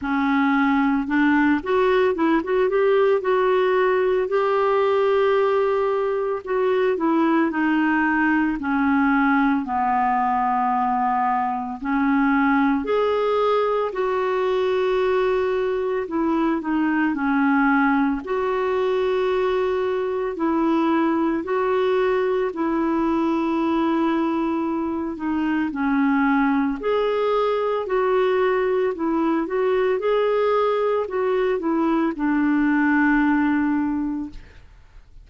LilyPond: \new Staff \with { instrumentName = "clarinet" } { \time 4/4 \tempo 4 = 56 cis'4 d'8 fis'8 e'16 fis'16 g'8 fis'4 | g'2 fis'8 e'8 dis'4 | cis'4 b2 cis'4 | gis'4 fis'2 e'8 dis'8 |
cis'4 fis'2 e'4 | fis'4 e'2~ e'8 dis'8 | cis'4 gis'4 fis'4 e'8 fis'8 | gis'4 fis'8 e'8 d'2 | }